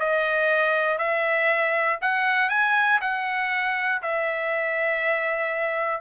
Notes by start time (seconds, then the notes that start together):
0.00 D#5
0.99 E5
2.02 F#5
2.50 G#5
3.01 F#5
4.03 E5